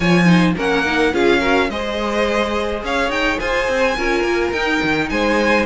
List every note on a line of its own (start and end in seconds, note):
0.00 0.55 F3
0.00 0.25 F4
0.00 0.25 C#5
0.00 0.54 G#5
0.25 0.54 D#4
0.25 0.54 C5
0.56 1.13 A#3
0.56 0.85 C#4
0.56 1.12 A#4
0.56 1.14 F#5
0.85 1.12 D#4
1.12 1.69 C#4
1.12 1.41 F4
1.12 1.40 G#4
1.12 1.70 F5
1.40 1.69 F#4
1.40 1.68 A#4
1.69 2.82 G#3
1.69 3.98 G#4
1.69 2.84 C5
1.69 2.83 D#5
2.83 3.09 C#4
2.83 3.40 C#5
2.83 3.10 F5
3.09 3.37 D#4
3.09 3.39 G5
3.39 3.68 F4
3.39 3.96 C5
3.39 4.52 G#5
3.68 3.96 C4
3.96 4.23 C#4
3.96 4.54 F4
3.96 5.10 A#4
4.23 4.52 A#3
4.52 4.80 D#4
4.52 5.65 D#4
4.52 5.08 G5
4.82 5.10 D#3
5.09 5.65 G#3
5.09 5.65 C5
5.09 5.65 G#5